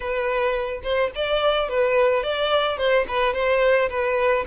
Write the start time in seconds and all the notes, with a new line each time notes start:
0.00 B4
0.83 C5
1.15 D5
1.68 B4
2.23 D5
2.77 C5
3.08 B4
3.33 C5
3.89 B4